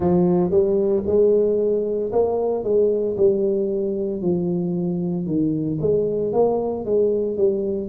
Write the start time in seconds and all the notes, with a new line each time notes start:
0.00 F3
0.50 G3
1.06 G#3
2.12 A#3
2.63 G#3
3.17 G3
4.21 F3
5.26 D#3
5.80 G#3
6.33 A#3
6.85 G#3
7.37 G3